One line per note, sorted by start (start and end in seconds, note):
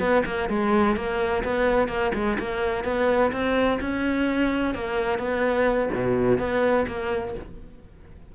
0.00 0.24 B3
0.26 0.49 A#3
0.49 0.96 G#3
0.97 1.44 A#3
1.44 1.89 B3
1.89 2.12 A#3
2.14 2.38 G#3
2.39 2.85 A#3
2.85 3.32 B3
3.33 3.80 C4
3.81 4.75 C#4
4.75 5.19 A#3
5.19 5.90 B3
5.95 6.39 B2
6.39 6.86 B3
6.88 7.35 A#3